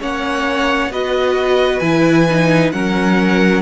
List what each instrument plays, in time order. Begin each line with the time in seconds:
0.00 cello A#3, viola C#4, violin C#5 F#5
0.89 cello B3, viola F#4, violin B4 D#5
1.79 cello E3, viola E4, violin G#5
2.30 viola D#4
2.72 cello F#3, viola C#4, violin A#4 F#5